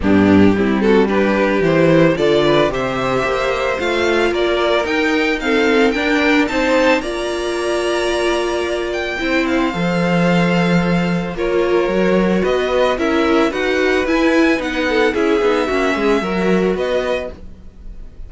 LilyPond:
<<
  \new Staff \with { instrumentName = "violin" } { \time 4/4 \tempo 4 = 111 g'4. a'8 b'4 c''4 | d''4 e''2 f''4 | d''4 g''4 f''4 g''4 | a''4 ais''2.~ |
ais''8 g''4 f''2~ f''8~ | f''4 cis''2 dis''4 | e''4 fis''4 gis''4 fis''4 | e''2. dis''4 | }
  \new Staff \with { instrumentName = "violin" } { \time 4/4 d'4 e'8 fis'8 g'2 | a'8 b'8 c''2. | ais'2 a'4 ais'4 | c''4 d''2.~ |
d''4 c''2.~ | c''4 ais'2 b'4 | ais'4 b'2~ b'8 a'8 | gis'4 fis'8 gis'8 ais'4 b'4 | }
  \new Staff \with { instrumentName = "viola" } { \time 4/4 b4 c'4 d'4 e'4 | f'4 g'2 f'4~ | f'4 dis'4 c'4 d'4 | dis'4 f'2.~ |
f'4 e'4 a'2~ | a'4 f'4 fis'2 | e'4 fis'4 e'4 dis'4 | e'8 dis'8 cis'4 fis'2 | }
  \new Staff \with { instrumentName = "cello" } { \time 4/4 g,4 g2 e4 | d4 c4 ais4 a4 | ais4 dis'2 d'4 | c'4 ais2.~ |
ais4 c'4 f2~ | f4 ais4 fis4 b4 | cis'4 dis'4 e'4 b4 | cis'8 b8 ais8 gis8 fis4 b4 | }
>>